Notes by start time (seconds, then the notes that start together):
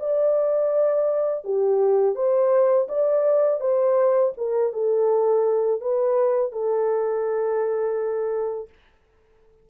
0.00 D5
1.45 G4
2.15 C5
2.88 D5
3.60 C5
4.37 A#4
4.73 A4
5.81 B4
6.52 A4